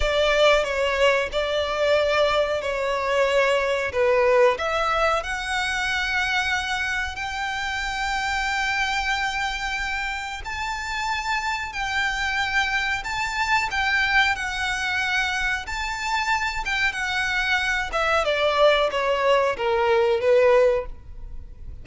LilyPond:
\new Staff \with { instrumentName = "violin" } { \time 4/4 \tempo 4 = 92 d''4 cis''4 d''2 | cis''2 b'4 e''4 | fis''2. g''4~ | g''1 |
a''2 g''2 | a''4 g''4 fis''2 | a''4. g''8 fis''4. e''8 | d''4 cis''4 ais'4 b'4 | }